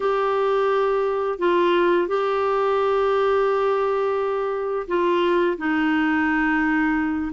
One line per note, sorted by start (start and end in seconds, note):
0.00 1.38 G4
1.38 2.07 F4
2.07 4.86 G4
4.87 5.57 F4
5.57 7.32 D#4